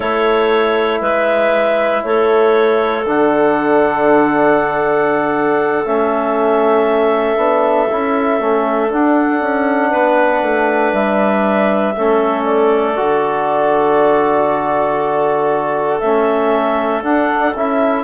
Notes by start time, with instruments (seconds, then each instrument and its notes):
0.00 bassoon A3, trombone E4, clarinet A4 C#5
1.00 bassoon G#3, clarinet B4 E5
2.03 bassoon A3, clarinet A4 C#5
3.05 bassoon D3, trombone D4, clarinet F#5
5.85 bassoon A3, trombone C#4, clarinet E5
7.36 bassoon B3, trombone D4
7.90 bassoon C#4, trombone E4
8.39 bassoon A3, trombone C#4
8.90 trombone D4, bassoon D4, clarinet F#5
9.41 bassoon C#4
9.90 bassoon B3, clarinet B4
10.42 bassoon A3
10.92 bassoon G3, clarinet E5
11.95 bassoon A3, trombone C#4, clarinet A4
12.43 clarinet D5
12.96 bassoon D3, trombone F#4
15.99 bassoon A3, trombone C#4, clarinet E5
17.03 trombone D4, bassoon D4, clarinet F#5
17.55 bassoon C#4, trombone E4, clarinet E5